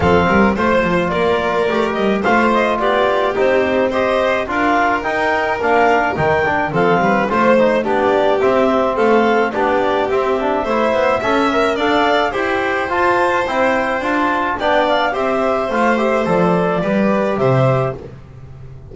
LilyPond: <<
  \new Staff \with { instrumentName = "clarinet" } { \time 4/4 \tempo 4 = 107 f''4 c''4 d''4. dis''8 | f''8 dis''8 d''4 c''4 dis''4 | f''4 g''4 f''4 g''4 | f''4 c''4 d''4 e''4 |
f''4 d''4 e''2~ | e''4 f''4 g''4 a''4 | g''4 a''4 g''8 f''8 e''4 | f''8 e''8 d''2 e''4 | }
  \new Staff \with { instrumentName = "violin" } { \time 4/4 a'8 ais'8 c''4 ais'2 | c''4 g'2 c''4 | ais'1 | a'8 b'8 c''4 g'2 |
a'4 g'2 c''4 | e''4 d''4 c''2~ | c''2 d''4 c''4~ | c''2 b'4 c''4 | }
  \new Staff \with { instrumentName = "trombone" } { \time 4/4 c'4 f'2 g'4 | f'2 dis'4 g'4 | f'4 dis'4 d'4 dis'8 d'8 | c'4 f'8 dis'8 d'4 c'4~ |
c'4 d'4 c'8 d'8 e'4 | a'8 ais'8 a'4 g'4 f'4 | e'4 f'4 d'4 g'4 | f'8 g'8 a'4 g'2 | }
  \new Staff \with { instrumentName = "double bass" } { \time 4/4 f8 g8 a8 f8 ais4 a8 g8 | a4 b4 c'2 | d'4 dis'4 ais4 dis4 | f8 g8 a4 b4 c'4 |
a4 b4 c'4 a8 b8 | cis'4 d'4 e'4 f'4 | c'4 d'4 b4 c'4 | a4 f4 g4 c4 | }
>>